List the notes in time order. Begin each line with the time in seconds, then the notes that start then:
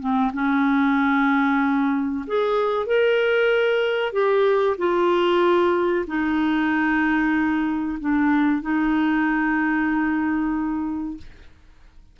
0.00 C4
0.34 C#4
2.27 G#4
2.87 A#4
4.13 G4
4.78 F4
6.08 D#4
8.00 D4
8.63 D#4